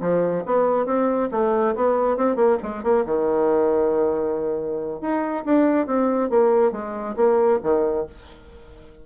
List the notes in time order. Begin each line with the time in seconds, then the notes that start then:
0.00 F3
0.45 B3
0.85 C4
1.31 A3
1.75 B3
2.17 C4
2.35 A#3
2.62 G#3
2.83 A#3
3.05 D#3
5.00 D#4
5.44 D4
5.86 C4
6.29 A#3
6.72 G#3
7.16 A#3
7.62 D#3